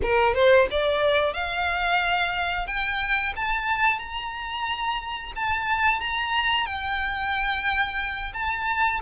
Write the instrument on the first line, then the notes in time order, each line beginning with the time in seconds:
violin
0.02 A#4
0.34 C5
0.70 D5
1.33 F5
2.66 G5
3.36 A5
3.98 A#5
5.35 A5
6.00 A#5
6.65 G5
8.33 A5